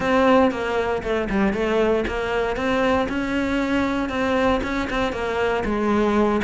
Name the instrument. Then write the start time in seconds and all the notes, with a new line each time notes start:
cello
0.00 C4
0.51 A#3
1.03 A3
1.29 G3
1.53 A3
2.07 A#3
2.56 C4
3.08 C#4
4.09 C4
4.63 C#4
4.90 C4
5.12 A#3
5.64 G#3